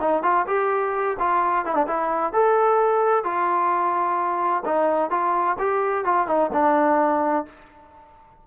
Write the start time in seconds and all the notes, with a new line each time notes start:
0.00 D#4
0.22 F4
0.47 G4
1.19 F4
1.65 E4
1.75 D4
1.87 E4
2.33 A4
3.24 F4
4.65 D#4
5.10 F4
5.59 G4
6.05 F4
6.27 D#4
6.53 D4